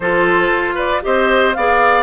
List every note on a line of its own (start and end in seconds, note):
0.00 0.49 F3
0.00 1.01 F4
0.00 0.74 A4
0.00 0.77 C5
0.51 1.03 F4
0.74 1.00 B4
0.74 1.03 D5
1.01 1.56 C4
1.01 1.53 G4
1.01 1.56 C5
1.01 1.53 D#5
1.53 2.03 B3
1.53 2.03 G#4
1.53 2.03 D5
1.53 2.03 F5